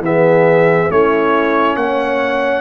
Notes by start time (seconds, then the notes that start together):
0.00 E3 B3 G#4 E5
0.90 A3 C#4 E4 C#5
1.76 A#3 C#5 F#5